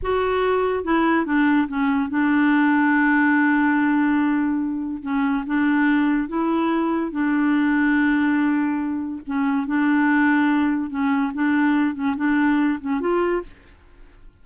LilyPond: \new Staff \with { instrumentName = "clarinet" } { \time 4/4 \tempo 4 = 143 fis'2 e'4 d'4 | cis'4 d'2.~ | d'1 | cis'4 d'2 e'4~ |
e'4 d'2.~ | d'2 cis'4 d'4~ | d'2 cis'4 d'4~ | d'8 cis'8 d'4. cis'8 f'4 | }